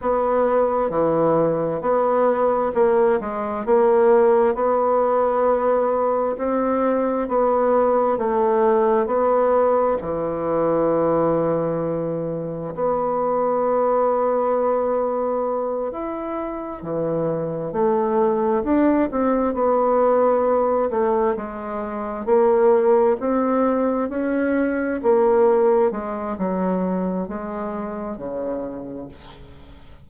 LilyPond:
\new Staff \with { instrumentName = "bassoon" } { \time 4/4 \tempo 4 = 66 b4 e4 b4 ais8 gis8 | ais4 b2 c'4 | b4 a4 b4 e4~ | e2 b2~ |
b4. e'4 e4 a8~ | a8 d'8 c'8 b4. a8 gis8~ | gis8 ais4 c'4 cis'4 ais8~ | ais8 gis8 fis4 gis4 cis4 | }